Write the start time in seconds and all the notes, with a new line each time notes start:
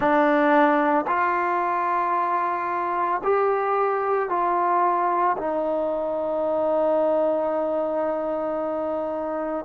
0.00 D4
1.07 F4
3.23 G4
4.29 F4
5.37 D#4